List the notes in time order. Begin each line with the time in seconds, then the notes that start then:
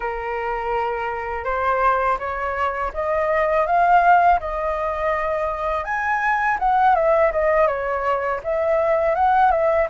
0.00 A#4
1.44 C5
2.19 C#5
2.93 D#5
3.66 F5
4.39 D#5
5.84 G#5
6.59 F#5
6.95 E5
7.31 D#5
7.67 C#5
8.43 E5
9.15 F#5
9.51 E5